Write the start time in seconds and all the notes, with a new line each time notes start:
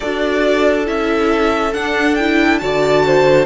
0.00 D4 F#4 A4 D5
0.85 C#4 E4 E5
1.73 D4 F#5
2.15 E4 G5
2.58 D3 F#4 D5 A5
3.06 C5